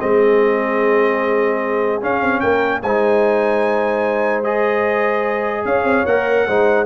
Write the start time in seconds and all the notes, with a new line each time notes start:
0.00 G#3 C4 G#4 D#5
2.02 C#4 F5
2.22 C4
2.41 A#3 A#4 G5
2.83 G#3 D#4 C5 G#5
4.44 G#4 D#5
5.65 C#4 C#5 F5
5.84 C4
6.06 A#3 A#4 F#5
6.48 G#3 D#4 C5